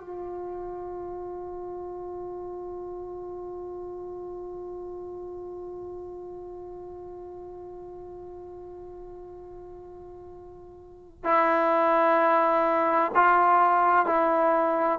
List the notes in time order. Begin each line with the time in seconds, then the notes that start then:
0.00 F4
11.24 E4
13.15 F4
14.06 E4